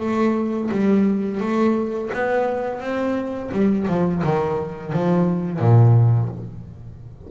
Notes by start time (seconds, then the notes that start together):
0.00 A3
0.71 G3
1.41 A3
2.13 B3
2.80 C4
3.52 G3
3.88 F3
4.24 D#3
4.93 F3
5.59 A#2